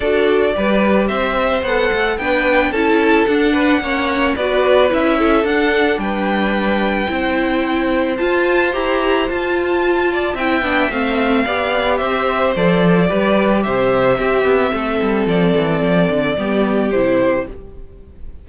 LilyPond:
<<
  \new Staff \with { instrumentName = "violin" } { \time 4/4 \tempo 4 = 110 d''2 e''4 fis''4 | g''4 a''4 fis''2 | d''4 e''4 fis''4 g''4~ | g''2. a''4 |
ais''4 a''2 g''4 | f''2 e''4 d''4~ | d''4 e''2. | d''2. c''4 | }
  \new Staff \with { instrumentName = "violin" } { \time 4/4 a'4 b'4 c''2 | b'4 a'4. b'8 cis''4 | b'4. a'4. b'4~ | b'4 c''2.~ |
c''2~ c''8 d''8 e''4~ | e''4 d''4 c''2 | b'4 c''4 g'4 a'4~ | a'2 g'2 | }
  \new Staff \with { instrumentName = "viola" } { \time 4/4 fis'4 g'2 a'4 | d'4 e'4 d'4 cis'4 | fis'4 e'4 d'2~ | d'4 e'2 f'4 |
g'4 f'2 e'8 d'8 | c'4 g'2 a'4 | g'2 c'2~ | c'2 b4 e'4 | }
  \new Staff \with { instrumentName = "cello" } { \time 4/4 d'4 g4 c'4 b8 a8 | b4 cis'4 d'4 ais4 | b4 cis'4 d'4 g4~ | g4 c'2 f'4 |
e'4 f'2 c'8 b8 | a4 b4 c'4 f4 | g4 c4 c'8 b8 a8 g8 | f8 e8 f8 d8 g4 c4 | }
>>